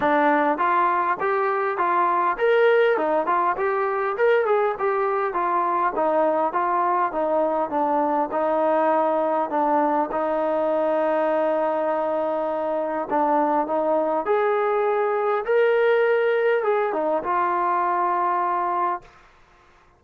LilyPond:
\new Staff \with { instrumentName = "trombone" } { \time 4/4 \tempo 4 = 101 d'4 f'4 g'4 f'4 | ais'4 dis'8 f'8 g'4 ais'8 gis'8 | g'4 f'4 dis'4 f'4 | dis'4 d'4 dis'2 |
d'4 dis'2.~ | dis'2 d'4 dis'4 | gis'2 ais'2 | gis'8 dis'8 f'2. | }